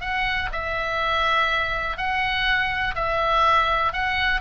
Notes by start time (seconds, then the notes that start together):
0.00 F#5
0.52 E5
1.97 F#5
2.95 E5
3.92 F#5